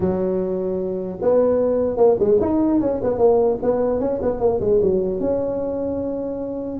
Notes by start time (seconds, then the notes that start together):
0.00 F#3
1.21 B3
1.97 A#3
2.19 G#3
2.41 D#4
2.81 C#4
3.03 B3
3.17 A#3
3.62 B3
3.99 C#4
4.21 B3
4.39 A#3
4.60 G#3
4.81 F#3
5.20 C#4